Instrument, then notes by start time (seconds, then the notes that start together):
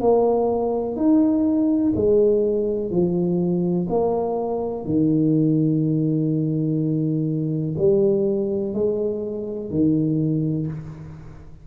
tuba
0.00 A#3
0.96 D#4
1.95 G#3
2.90 F3
3.89 A#3
4.85 D#3
7.78 G3
8.74 G#3
9.70 D#3